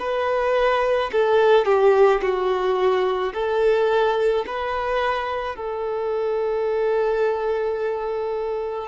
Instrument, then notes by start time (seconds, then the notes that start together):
violin
0.00 B4
1.12 A4
1.66 G4
2.22 F#4
3.34 A4
4.47 B4
5.56 A4